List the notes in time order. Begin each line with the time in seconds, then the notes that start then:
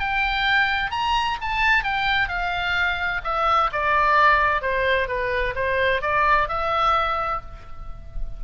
0.00 G5
0.91 A#5
1.42 A5
1.84 G5
2.29 F5
3.24 E5
3.73 D5
4.62 C5
5.08 B4
5.56 C5
6.02 D5
6.49 E5